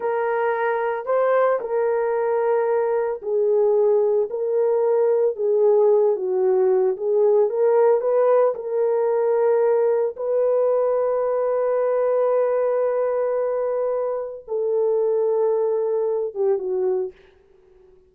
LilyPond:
\new Staff \with { instrumentName = "horn" } { \time 4/4 \tempo 4 = 112 ais'2 c''4 ais'4~ | ais'2 gis'2 | ais'2 gis'4. fis'8~ | fis'4 gis'4 ais'4 b'4 |
ais'2. b'4~ | b'1~ | b'2. a'4~ | a'2~ a'8 g'8 fis'4 | }